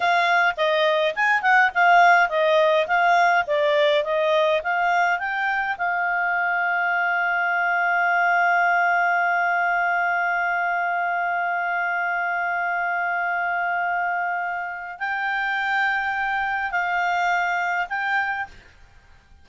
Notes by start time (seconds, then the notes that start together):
0.00 F5
0.56 D#5
1.15 G#5
1.42 F#5
1.74 F5
2.29 D#5
2.87 F5
3.46 D5
4.04 D#5
4.63 F5
5.18 G5
5.77 F5
14.99 G5
16.71 F5
17.89 G5